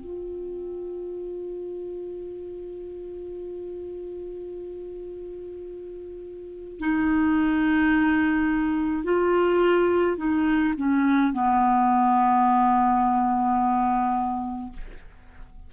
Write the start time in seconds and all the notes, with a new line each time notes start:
0.00 F4
6.79 D#4
9.04 F4
10.17 D#4
10.77 C#4
11.33 B3